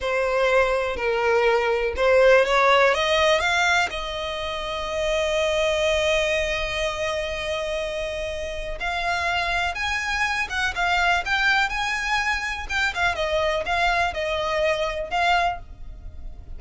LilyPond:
\new Staff \with { instrumentName = "violin" } { \time 4/4 \tempo 4 = 123 c''2 ais'2 | c''4 cis''4 dis''4 f''4 | dis''1~ | dis''1~ |
dis''2 f''2 | gis''4. fis''8 f''4 g''4 | gis''2 g''8 f''8 dis''4 | f''4 dis''2 f''4 | }